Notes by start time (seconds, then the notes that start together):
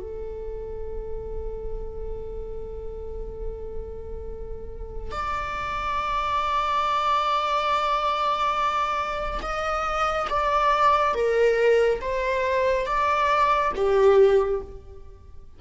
0.00 A4
5.12 D5
9.42 D#5
10.30 D5
11.15 A#4
12.02 C5
12.87 D5
13.76 G4